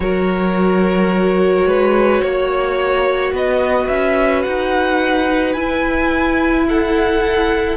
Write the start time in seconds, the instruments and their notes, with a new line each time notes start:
0.00 cello F#3, viola F#4, violin A#4 C#5
1.65 cello G#3, violin B4
2.22 cello A#3, violin C#5
3.31 cello B3, violin B4 D#5
3.87 cello C#4, violin E5
4.42 cello D#4, violin F#5
5.53 cello E4, viola E4, violin G#5
6.68 violin A4 F#5